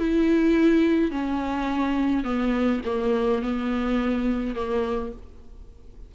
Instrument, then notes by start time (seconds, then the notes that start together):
viola
0.00 E4
1.12 C#4
2.25 B3
2.86 A#3
3.43 B3
4.56 A#3